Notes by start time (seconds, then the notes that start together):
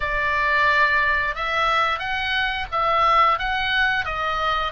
0.00 D5
1.35 E5
1.99 F#5
2.72 E5
3.38 F#5
4.05 D#5